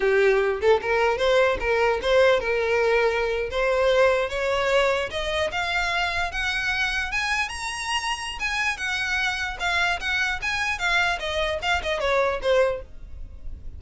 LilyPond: \new Staff \with { instrumentName = "violin" } { \time 4/4 \tempo 4 = 150 g'4. a'8 ais'4 c''4 | ais'4 c''4 ais'2~ | ais'8. c''2 cis''4~ cis''16~ | cis''8. dis''4 f''2 fis''16~ |
fis''4.~ fis''16 gis''4 ais''4~ ais''16~ | ais''4 gis''4 fis''2 | f''4 fis''4 gis''4 f''4 | dis''4 f''8 dis''8 cis''4 c''4 | }